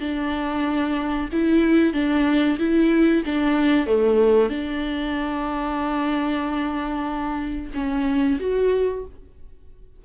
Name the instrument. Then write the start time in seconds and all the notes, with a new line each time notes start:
viola
0.00 D4
1.32 E4
1.93 D4
2.59 E4
3.25 D4
3.87 A3
4.49 D4
7.74 C#4
8.40 F#4